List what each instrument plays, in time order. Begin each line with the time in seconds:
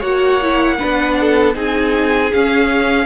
0.00 cello A#3, viola F#4, violin C#5 F#5
0.42 viola E4
0.79 cello B3, viola D4, violin B4
1.21 violin A4
1.54 cello C4, viola D#4, violin G#4 G#5
2.33 viola C#4, cello C#4, violin F5